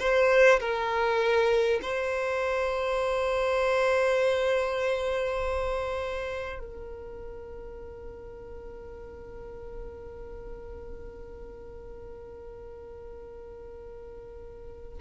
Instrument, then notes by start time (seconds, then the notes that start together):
violin
0.00 C5
0.60 A#4
1.82 C5
6.59 A#4